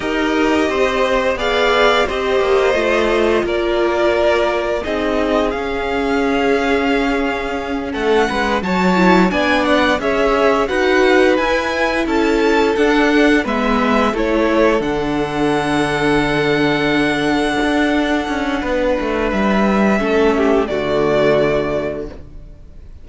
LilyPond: <<
  \new Staff \with { instrumentName = "violin" } { \time 4/4 \tempo 4 = 87 dis''2 f''4 dis''4~ | dis''4 d''2 dis''4 | f''2.~ f''8 fis''8~ | fis''8 a''4 gis''8 fis''8 e''4 fis''8~ |
fis''8 gis''4 a''4 fis''4 e''8~ | e''8 cis''4 fis''2~ fis''8~ | fis''1 | e''2 d''2 | }
  \new Staff \with { instrumentName = "violin" } { \time 4/4 ais'4 c''4 d''4 c''4~ | c''4 ais'2 gis'4~ | gis'2.~ gis'8 a'8 | b'8 cis''4 d''4 cis''4 b'8~ |
b'4. a'2 b'8~ | b'8 a'2.~ a'8~ | a'2. b'4~ | b'4 a'8 g'8 fis'2 | }
  \new Staff \with { instrumentName = "viola" } { \time 4/4 g'2 gis'4 g'4 | f'2. dis'4 | cis'1~ | cis'8 fis'8 e'8 d'4 gis'4 fis'8~ |
fis'8 e'2 d'4 b8~ | b8 e'4 d'2~ d'8~ | d'1~ | d'4 cis'4 a2 | }
  \new Staff \with { instrumentName = "cello" } { \time 4/4 dis'4 c'4 b4 c'8 ais8 | a4 ais2 c'4 | cis'2.~ cis'8 a8 | gis8 fis4 b4 cis'4 dis'8~ |
dis'8 e'4 cis'4 d'4 gis8~ | gis8 a4 d2~ d8~ | d4. d'4 cis'8 b8 a8 | g4 a4 d2 | }
>>